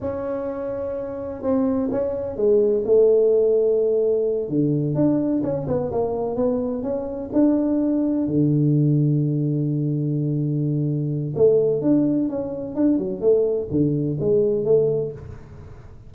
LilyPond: \new Staff \with { instrumentName = "tuba" } { \time 4/4 \tempo 4 = 127 cis'2. c'4 | cis'4 gis4 a2~ | a4. d4 d'4 cis'8 | b8 ais4 b4 cis'4 d'8~ |
d'4. d2~ d8~ | d1 | a4 d'4 cis'4 d'8 fis8 | a4 d4 gis4 a4 | }